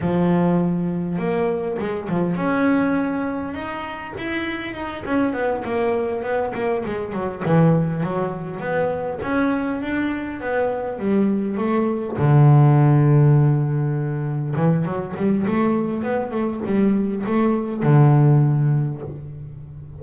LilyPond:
\new Staff \with { instrumentName = "double bass" } { \time 4/4 \tempo 4 = 101 f2 ais4 gis8 f8 | cis'2 dis'4 e'4 | dis'8 cis'8 b8 ais4 b8 ais8 gis8 | fis8 e4 fis4 b4 cis'8~ |
cis'8 d'4 b4 g4 a8~ | a8 d2.~ d8~ | d8 e8 fis8 g8 a4 b8 a8 | g4 a4 d2 | }